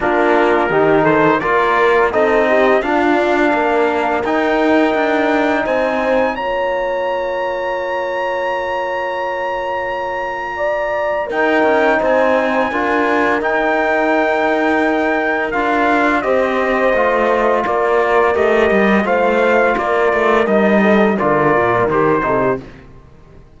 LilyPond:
<<
  \new Staff \with { instrumentName = "trumpet" } { \time 4/4 \tempo 4 = 85 ais'4. c''8 d''4 dis''4 | f''2 g''2 | gis''4 ais''2.~ | ais''1 |
g''4 gis''2 g''4~ | g''2 f''4 dis''4~ | dis''4 d''4 dis''4 f''4 | d''4 dis''4 d''4 c''4 | }
  \new Staff \with { instrumentName = "horn" } { \time 4/4 f'4 g'8 a'8 ais'4 a'8 g'8 | f'4 ais'2. | c''4 cis''2.~ | cis''2. d''4 |
ais'4 c''4 ais'2~ | ais'2. c''4~ | c''4 ais'2 c''4 | ais'4. a'8 ais'4. a'16 g'16 | }
  \new Staff \with { instrumentName = "trombone" } { \time 4/4 d'4 dis'4 f'4 dis'4 | d'2 dis'2~ | dis'4 f'2.~ | f'1 |
dis'2 f'4 dis'4~ | dis'2 f'4 g'4 | f'2 g'4 f'4~ | f'4 dis'4 f'4 g'8 dis'8 | }
  \new Staff \with { instrumentName = "cello" } { \time 4/4 ais4 dis4 ais4 c'4 | d'4 ais4 dis'4 d'4 | c'4 ais2.~ | ais1 |
dis'8 cis'8 c'4 d'4 dis'4~ | dis'2 d'4 c'4 | a4 ais4 a8 g8 a4 | ais8 a8 g4 d8 ais,8 dis8 c8 | }
>>